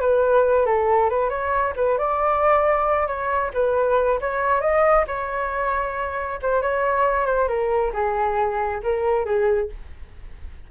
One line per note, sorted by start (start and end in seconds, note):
0.00 0.66 B4
0.66 1.09 A4
1.09 1.29 B4
1.29 1.73 C#5
1.76 1.98 B4
1.98 3.07 D5
3.07 3.51 C#5
3.53 4.19 B4
4.20 4.61 C#5
4.61 5.05 D#5
5.07 6.39 C#5
6.42 6.62 C5
6.62 7.26 C#5
7.26 7.47 C5
7.47 7.92 A#4
7.93 8.81 G#4
8.83 9.25 A#4
9.25 9.69 G#4